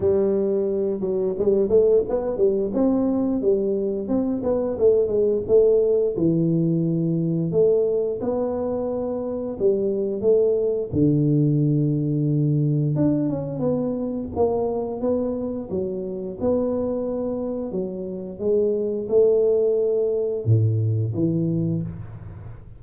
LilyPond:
\new Staff \with { instrumentName = "tuba" } { \time 4/4 \tempo 4 = 88 g4. fis8 g8 a8 b8 g8 | c'4 g4 c'8 b8 a8 gis8 | a4 e2 a4 | b2 g4 a4 |
d2. d'8 cis'8 | b4 ais4 b4 fis4 | b2 fis4 gis4 | a2 a,4 e4 | }